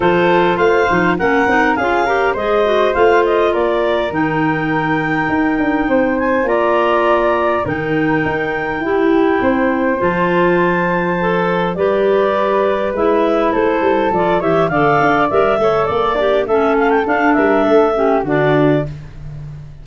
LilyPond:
<<
  \new Staff \with { instrumentName = "clarinet" } { \time 4/4 \tempo 4 = 102 c''4 f''4 fis''4 f''4 | dis''4 f''8 dis''8 d''4 g''4~ | g''2~ g''8 gis''8 ais''4~ | ais''4 g''2.~ |
g''4 a''2. | d''2 e''4 c''4 | d''8 e''8 f''4 e''4 d''4 | e''8 f''16 g''16 f''8 e''4. d''4 | }
  \new Staff \with { instrumentName = "flute" } { \time 4/4 a'4 c''4 ais'4 gis'8 ais'8 | c''2 ais'2~ | ais'2 c''4 d''4~ | d''4 ais'2 g'4 |
c''1 | b'2. a'4~ | a'8 cis''8 d''4. cis''8 d''8 d'8 | a'4. ais'8 a'8 g'8 fis'4 | }
  \new Staff \with { instrumentName = "clarinet" } { \time 4/4 f'4. dis'8 cis'8 dis'8 f'8 g'8 | gis'8 fis'8 f'2 dis'4~ | dis'2. f'4~ | f'4 dis'2 e'4~ |
e'4 f'2 a'4 | g'2 e'2 | f'8 g'8 a'4 ais'8 a'4 g'8 | cis'4 d'4. cis'8 d'4 | }
  \new Staff \with { instrumentName = "tuba" } { \time 4/4 f4 a8 f8 ais8 c'8 cis'4 | gis4 a4 ais4 dis4~ | dis4 dis'8 d'8 c'4 ais4~ | ais4 dis4 dis'4 e'4 |
c'4 f2. | g2 gis4 a8 g8 | f8 e8 d8 d'8 g8 a8 ais4 | a4 d'8 g8 a4 d4 | }
>>